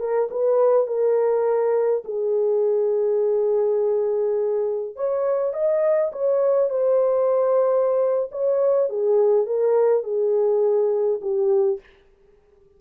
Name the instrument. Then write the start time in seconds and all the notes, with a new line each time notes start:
horn
0.00 A#4
0.31 B4
0.87 A#4
2.05 G#4
4.96 C#5
5.54 D#5
6.13 C#5
6.70 C5
8.32 C#5
8.90 G#4
9.47 A#4
10.04 G#4
11.22 G4